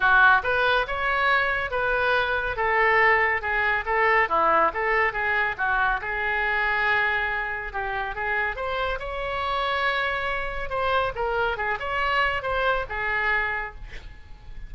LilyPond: \new Staff \with { instrumentName = "oboe" } { \time 4/4 \tempo 4 = 140 fis'4 b'4 cis''2 | b'2 a'2 | gis'4 a'4 e'4 a'4 | gis'4 fis'4 gis'2~ |
gis'2 g'4 gis'4 | c''4 cis''2.~ | cis''4 c''4 ais'4 gis'8 cis''8~ | cis''4 c''4 gis'2 | }